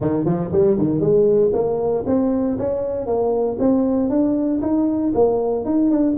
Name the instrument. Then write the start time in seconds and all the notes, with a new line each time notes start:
tuba
0.00 D#3
0.25 F3
0.52 G3
0.77 D#3
1.00 G#3
1.53 A#3
2.06 C4
2.58 C#4
3.06 A#3
3.59 C4
4.09 D4
4.61 D#4
5.14 A#3
5.65 D#4
5.90 D4